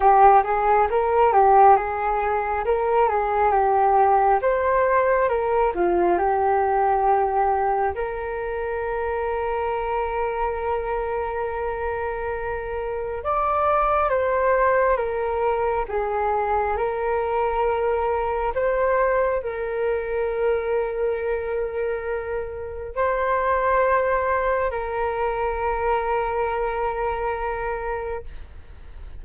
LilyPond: \new Staff \with { instrumentName = "flute" } { \time 4/4 \tempo 4 = 68 g'8 gis'8 ais'8 g'8 gis'4 ais'8 gis'8 | g'4 c''4 ais'8 f'8 g'4~ | g'4 ais'2.~ | ais'2. d''4 |
c''4 ais'4 gis'4 ais'4~ | ais'4 c''4 ais'2~ | ais'2 c''2 | ais'1 | }